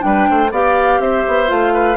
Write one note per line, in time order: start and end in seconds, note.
0.00 0.28 G3
0.00 0.48 D4
0.00 0.29 B4
0.00 0.51 G5
0.29 0.51 A3
0.29 0.52 C5
0.51 0.99 B3
0.51 1.47 G4
0.51 1.00 D5
0.51 1.01 F5
1.00 1.24 C4
1.00 1.74 C5
1.00 1.49 E5
1.28 1.50 B3
1.47 1.97 A3
1.47 1.95 F4
1.47 1.97 F5
1.74 1.97 B4